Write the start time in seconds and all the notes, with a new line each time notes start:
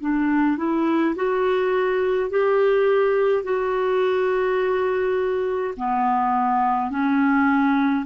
0.00 D4
0.57 E4
1.15 F#4
2.30 G4
3.44 F#4
5.76 B3
6.90 C#4